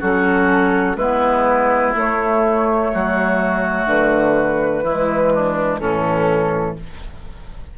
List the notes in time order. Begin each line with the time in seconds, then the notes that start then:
0.00 F#3 C#4 F#4 A4
0.96 G#3 B3 E4 B4
1.95 A3 C#5
2.94 F#3 F#4
3.86 D3 B4
4.83 E3 G#3 E4
5.35 D4
5.80 A2 E3 C#4 A4